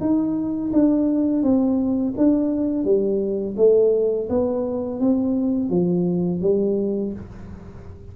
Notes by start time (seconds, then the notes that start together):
0.00 D#4
0.73 D4
1.43 C4
2.17 D4
2.84 G3
3.57 A3
4.29 B3
5.00 C4
5.69 F3
6.41 G3